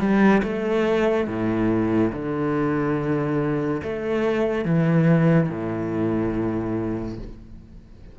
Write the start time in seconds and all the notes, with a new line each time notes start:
0.00 G3
0.43 A3
1.28 A2
2.13 D3
3.83 A3
4.66 E3
5.50 A2